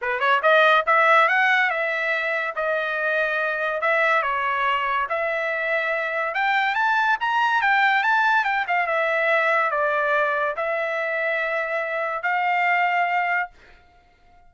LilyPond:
\new Staff \with { instrumentName = "trumpet" } { \time 4/4 \tempo 4 = 142 b'8 cis''8 dis''4 e''4 fis''4 | e''2 dis''2~ | dis''4 e''4 cis''2 | e''2. g''4 |
a''4 ais''4 g''4 a''4 | g''8 f''8 e''2 d''4~ | d''4 e''2.~ | e''4 f''2. | }